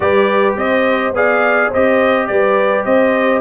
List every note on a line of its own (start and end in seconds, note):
0.00 0.56 G3
0.00 1.13 G4
0.00 0.58 B4
0.00 0.55 D5
0.56 1.12 C4
0.56 1.15 C5
0.56 1.14 D#5
1.12 1.69 B3
1.12 1.72 G#4
1.12 1.68 D5
1.12 1.73 F5
1.68 3.40 G4
1.68 2.25 C5
1.68 2.26 D#5
1.74 2.28 C4
2.26 2.85 G3
2.26 2.85 B4
2.26 2.83 D5
2.85 3.40 C4
2.85 3.40 C5
2.85 3.40 D#5